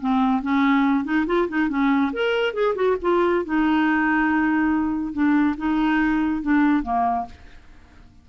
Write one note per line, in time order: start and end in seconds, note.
0.00 0.41 C4
0.41 1.04 C#4
1.04 1.25 D#4
1.26 1.48 F4
1.48 1.69 D#4
1.69 2.11 C#4
2.12 2.53 A#4
2.53 2.74 G#4
2.75 2.96 F#4
3.01 3.44 F4
3.44 5.12 D#4
5.12 5.55 D4
5.57 6.42 D#4
6.42 6.82 D4
6.82 7.25 A#3